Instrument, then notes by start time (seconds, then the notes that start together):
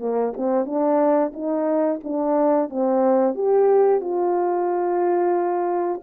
horn
0.00 A#3
0.37 C4
0.66 D4
1.34 D#4
2.04 D4
2.70 C4
3.35 G4
4.02 F4